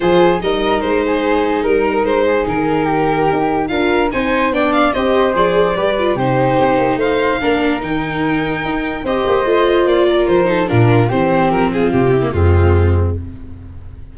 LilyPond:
<<
  \new Staff \with { instrumentName = "violin" } { \time 4/4 \tempo 4 = 146 c''4 dis''4 c''2 | ais'4 c''4 ais'2~ | ais'4 f''4 gis''4 g''8 f''8 | dis''4 d''2 c''4~ |
c''4 f''2 g''4~ | g''2 dis''2 | d''4 c''4 ais'4 c''4 | ais'8 gis'8 g'4 f'2 | }
  \new Staff \with { instrumentName = "flute" } { \time 4/4 gis'4 ais'4. gis'4. | ais'4. gis'4. g'4~ | g'4 ais'4 c''4 d''4 | c''2 b'4 g'4~ |
g'4 c''4 ais'2~ | ais'2 c''2~ | c''8 ais'4 a'8 f'4 g'4~ | g'8 f'4 e'8 c'2 | }
  \new Staff \with { instrumentName = "viola" } { \time 4/4 f'4 dis'2.~ | dis'1~ | dis'4 f'4 dis'4 d'4 | g'4 gis'4 g'8 f'8 dis'4~ |
dis'2 d'4 dis'4~ | dis'2 g'4 f'4~ | f'4. dis'8 d'4 c'4~ | c'4.~ c'16 ais16 gis2 | }
  \new Staff \with { instrumentName = "tuba" } { \time 4/4 f4 g4 gis2 | g4 gis4 dis2 | dis'4 d'4 c'4 b4 | c'4 f4 g4 c4 |
c'8 ais8 a4 ais4 dis4~ | dis4 dis'4 c'8 ais8 a4 | ais4 f4 ais,4 e4 | f4 c4 f,2 | }
>>